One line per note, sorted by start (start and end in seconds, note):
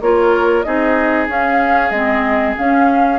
0.00 0.64 A#3
0.00 0.64 F4
0.00 0.65 A#4
0.00 0.62 C#5
0.62 1.27 C4
0.62 1.28 D#4
0.62 3.19 G#4
0.62 1.26 D#5
1.27 1.90 C#4
1.27 1.92 C#4
1.27 1.90 F5
1.90 2.54 G#3
1.90 2.57 C4
1.90 2.54 D#5
2.57 3.19 C#4
2.57 3.19 F5